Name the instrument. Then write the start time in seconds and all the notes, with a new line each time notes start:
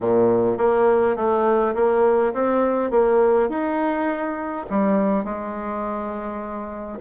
bassoon
0.00 A#2
0.57 A#3
1.16 A3
1.74 A#3
2.33 C4
2.90 A#3
3.49 D#4
4.69 G3
5.24 G#3